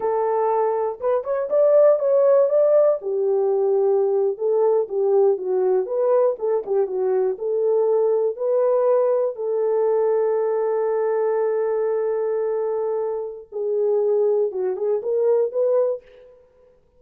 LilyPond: \new Staff \with { instrumentName = "horn" } { \time 4/4 \tempo 4 = 120 a'2 b'8 cis''8 d''4 | cis''4 d''4 g'2~ | g'8. a'4 g'4 fis'4 b'16~ | b'8. a'8 g'8 fis'4 a'4~ a'16~ |
a'8. b'2 a'4~ a'16~ | a'1~ | a'2. gis'4~ | gis'4 fis'8 gis'8 ais'4 b'4 | }